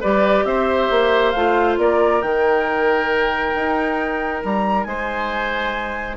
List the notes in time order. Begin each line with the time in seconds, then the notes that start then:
0.00 G3 G4 B4 D5
0.44 C4 C5 E5
0.90 A#3
1.31 A3 F4 F5
1.77 A#3 A#4 D5
2.22 D#3 D#4 G5
3.54 D#4
4.44 G3 A#5
4.84 G#3 C5 G#5